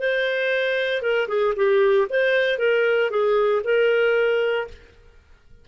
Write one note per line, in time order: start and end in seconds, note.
0.00 1.02 C5
1.02 1.28 A#4
1.28 1.54 G#4
1.56 2.08 G4
2.10 2.59 C5
2.59 3.11 A#4
3.11 3.63 G#4
3.65 4.68 A#4